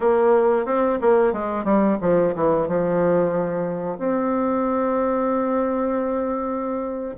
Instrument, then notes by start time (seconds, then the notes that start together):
bassoon
0.00 A#3
0.65 C4
1.01 A#3
1.32 G#3
1.64 G3
2.01 F3
2.35 E3
2.68 F3
3.98 C4